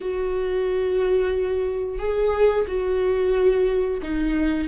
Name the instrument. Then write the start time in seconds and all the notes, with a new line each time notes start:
viola
0.00 F#4
1.98 G#4
2.67 F#4
4.02 D#4